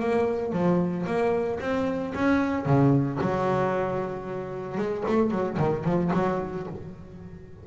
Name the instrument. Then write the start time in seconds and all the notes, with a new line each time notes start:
double bass
0.00 A#3
0.53 F3
1.07 A#3
1.60 C4
2.15 C#4
2.66 C#3
3.21 F#3
4.78 G#3
5.08 A3
5.31 F#3
5.58 D#3
5.85 F3
6.14 F#3